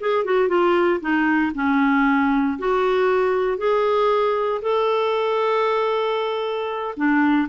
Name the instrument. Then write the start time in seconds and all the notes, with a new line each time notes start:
clarinet
0.00 G#4
0.24 F#4
0.48 F4
1.00 D#4
1.54 C#4
2.58 F#4
3.57 G#4
4.62 A4
6.96 D4